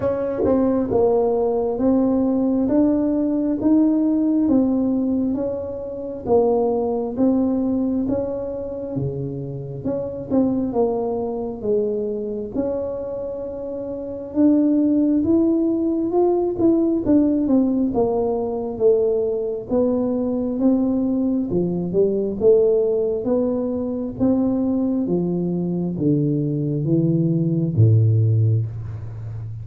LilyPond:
\new Staff \with { instrumentName = "tuba" } { \time 4/4 \tempo 4 = 67 cis'8 c'8 ais4 c'4 d'4 | dis'4 c'4 cis'4 ais4 | c'4 cis'4 cis4 cis'8 c'8 | ais4 gis4 cis'2 |
d'4 e'4 f'8 e'8 d'8 c'8 | ais4 a4 b4 c'4 | f8 g8 a4 b4 c'4 | f4 d4 e4 a,4 | }